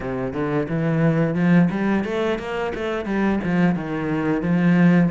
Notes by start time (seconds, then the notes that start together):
0.00 C3
0.33 D3
0.68 E3
1.34 F3
1.70 G3
2.04 A3
2.38 A#3
2.75 A3
3.05 G3
3.43 F3
3.75 D#3
4.42 F3